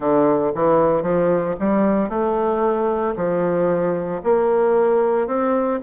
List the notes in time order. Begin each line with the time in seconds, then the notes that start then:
0.00 D3
0.55 E3
1.02 F3
1.59 G3
2.09 A3
3.16 F3
4.23 A#3
5.27 C4